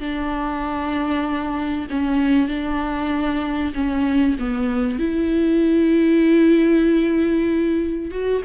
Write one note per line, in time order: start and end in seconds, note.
0.00 1.88 D4
1.90 2.48 C#4
2.48 3.73 D4
3.74 4.37 C#4
4.39 4.99 B3
4.99 8.11 E4
8.11 8.42 F#4